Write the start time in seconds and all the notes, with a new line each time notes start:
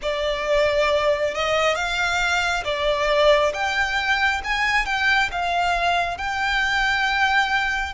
0.02 D5
1.34 D#5
1.75 F5
2.64 D5
3.53 G5
4.44 G#5
4.85 G5
5.31 F5
6.17 G5